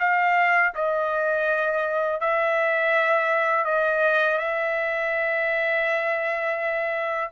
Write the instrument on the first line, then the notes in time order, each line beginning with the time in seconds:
trumpet
0.00 F5
0.75 D#5
2.21 E5
3.65 D#5
4.38 E5